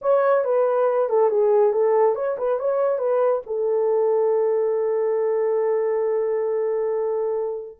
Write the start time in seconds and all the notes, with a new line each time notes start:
0.01 C#5
0.44 B4
1.09 A4
1.29 G#4
1.72 A4
2.15 C#5
2.37 B4
2.59 C#5
2.98 B4
3.46 A4